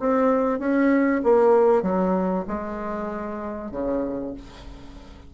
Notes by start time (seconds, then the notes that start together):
0.00 C4
0.60 C#4
1.24 A#3
1.83 F#3
2.48 G#3
3.72 C#3